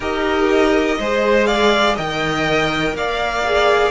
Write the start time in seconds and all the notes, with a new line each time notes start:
0.00 D#4 G4 A#4 D#5
0.99 G#3 G#4 C5
1.45 D5 F5
1.94 D#3 A#4 D#5 G5
2.93 A#3 D5 F5
3.44 G#4